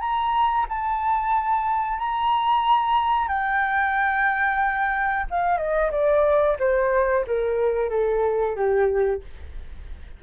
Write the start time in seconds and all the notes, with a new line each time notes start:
0.00 A#5
0.69 A5
1.98 A#5
3.28 G5
5.30 F5
5.58 D#5
5.91 D5
6.59 C5
7.27 A#4
7.90 A4
8.55 G4